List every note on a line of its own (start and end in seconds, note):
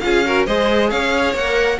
0.00 0.47 C#4
0.00 0.25 F4
0.00 0.26 G#4
0.00 0.44 F5
0.25 0.47 F#4
0.25 0.46 A#4
0.46 0.91 G#3
0.46 1.36 G#4
0.46 0.90 C5
0.46 0.90 D#5
0.90 1.34 C#4
0.90 1.79 C#5
0.90 1.34 F5
1.34 1.79 A#3
1.34 1.80 A#4
1.34 1.80 F#5